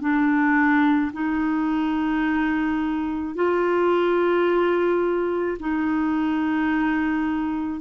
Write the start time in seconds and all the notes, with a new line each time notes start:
0.00 D4
1.13 D#4
3.35 F4
5.60 D#4